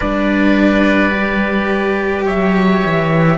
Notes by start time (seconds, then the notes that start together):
0.00 G3 D4 B4 D5
1.11 G4
2.25 F#3 C#5 E5
2.85 E3